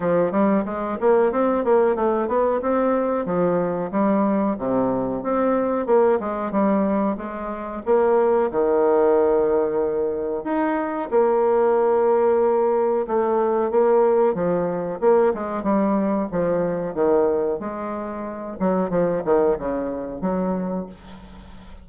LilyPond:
\new Staff \with { instrumentName = "bassoon" } { \time 4/4 \tempo 4 = 92 f8 g8 gis8 ais8 c'8 ais8 a8 b8 | c'4 f4 g4 c4 | c'4 ais8 gis8 g4 gis4 | ais4 dis2. |
dis'4 ais2. | a4 ais4 f4 ais8 gis8 | g4 f4 dis4 gis4~ | gis8 fis8 f8 dis8 cis4 fis4 | }